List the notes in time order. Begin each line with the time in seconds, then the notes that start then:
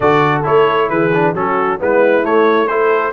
0.00 D3 F#4 A4 D5
0.43 A3 E4 C#5
0.89 E3 G#4 B4
1.13 D4
1.33 F#3 C#4 F#4 A4
1.79 G#3 B3 E4 B4
2.22 A3 C#5
2.67 E4 A4 C5